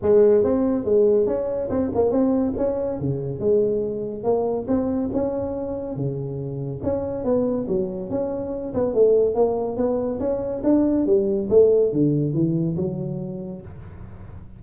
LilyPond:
\new Staff \with { instrumentName = "tuba" } { \time 4/4 \tempo 4 = 141 gis4 c'4 gis4 cis'4 | c'8 ais8 c'4 cis'4 cis4 | gis2 ais4 c'4 | cis'2 cis2 |
cis'4 b4 fis4 cis'4~ | cis'8 b8 a4 ais4 b4 | cis'4 d'4 g4 a4 | d4 e4 fis2 | }